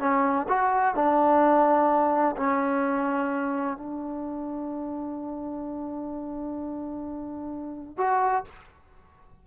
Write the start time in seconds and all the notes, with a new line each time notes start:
0.00 C#4
0.49 F#4
0.96 D4
2.37 C#4
3.78 D4
7.98 F#4